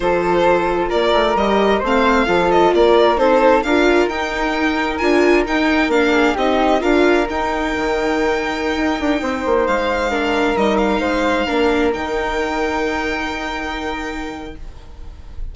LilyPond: <<
  \new Staff \with { instrumentName = "violin" } { \time 4/4 \tempo 4 = 132 c''2 d''4 dis''4 | f''4. dis''8 d''4 c''4 | f''4 g''2 gis''4 | g''4 f''4 dis''4 f''4 |
g''1~ | g''4~ g''16 f''2 dis''8 f''16~ | f''2~ f''16 g''4.~ g''16~ | g''1 | }
  \new Staff \with { instrumentName = "flute" } { \time 4/4 a'2 ais'2 | c''4 a'4 ais'4 a'4 | ais'1~ | ais'4. gis'8 g'4 ais'4~ |
ais'1~ | ais'16 c''2 ais'4.~ ais'16~ | ais'16 c''4 ais'2~ ais'8.~ | ais'1 | }
  \new Staff \with { instrumentName = "viola" } { \time 4/4 f'2. g'4 | c'4 f'2 dis'4 | f'4 dis'2 f'4 | dis'4 d'4 dis'4 f'4 |
dis'1~ | dis'2~ dis'16 d'4 dis'8.~ | dis'4~ dis'16 d'4 dis'4.~ dis'16~ | dis'1 | }
  \new Staff \with { instrumentName = "bassoon" } { \time 4/4 f2 ais8 a8 g4 | a4 f4 ais4 c'4 | d'4 dis'2 d'4 | dis'4 ais4 c'4 d'4 |
dis'4 dis2~ dis16 dis'8 d'16~ | d'16 c'8 ais8 gis2 g8.~ | g16 gis4 ais4 dis4.~ dis16~ | dis1 | }
>>